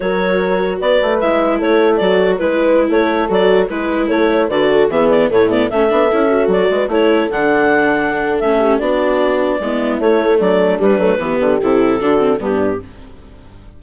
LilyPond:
<<
  \new Staff \with { instrumentName = "clarinet" } { \time 4/4 \tempo 4 = 150 cis''2 d''4 e''4 | cis''4 d''4 b'4~ b'16 cis''8.~ | cis''16 d''4 b'4 cis''4 d''8.~ | d''16 e''8 d''8 cis''8 d''8 e''4.~ e''16~ |
e''16 d''4 cis''4 fis''4.~ fis''16~ | fis''4 e''4 d''2~ | d''4 cis''4 d''4 b'4~ | b'4 a'2 g'4 | }
  \new Staff \with { instrumentName = "horn" } { \time 4/4 ais'2 b'2 | a'2 b'4~ b'16 a'8.~ | a'4~ a'16 b'4 a'8 cis''8 b'8 a'16~ | a'16 gis'4 e'4 a'4.~ a'16~ |
a'8. b'8 a'2~ a'8.~ | a'4. g'8 fis'2 | e'2 d'2 | g'2 fis'4 d'4 | }
  \new Staff \with { instrumentName = "viola" } { \time 4/4 fis'2. e'4~ | e'4 fis'4 e'2~ | e'16 fis'4 e'2 fis'8.~ | fis'16 b4 a8 b8 cis'8 d'8 e'8 fis'16~ |
fis'4~ fis'16 e'4 d'4.~ d'16~ | d'4 cis'4 d'2 | b4 a2 g8 a8 | b4 e'4 d'8 c'8 b4 | }
  \new Staff \with { instrumentName = "bassoon" } { \time 4/4 fis2 b8 a8 gis4 | a4 fis4 gis4~ gis16 a8.~ | a16 fis4 gis4 a4 d8.~ | d16 e4 a,4 a8 b8 cis'8.~ |
cis'16 fis8 gis8 a4 d4.~ d16~ | d4 a4 b2 | gis4 a4 fis4 g8 fis8 | e8 d8 c4 d4 g,4 | }
>>